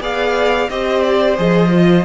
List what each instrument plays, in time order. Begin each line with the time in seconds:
0.00 cello B3, viola G#4, violin D5 F5
0.69 cello C4, viola G4, violin C5 D#5
1.02 violin D5
1.37 cello F3, viola G#4, violin D#5
1.69 viola F4